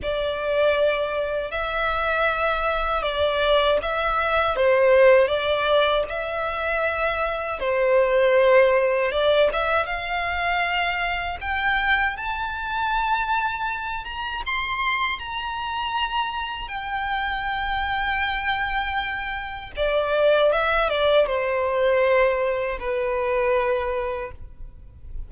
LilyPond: \new Staff \with { instrumentName = "violin" } { \time 4/4 \tempo 4 = 79 d''2 e''2 | d''4 e''4 c''4 d''4 | e''2 c''2 | d''8 e''8 f''2 g''4 |
a''2~ a''8 ais''8 c'''4 | ais''2 g''2~ | g''2 d''4 e''8 d''8 | c''2 b'2 | }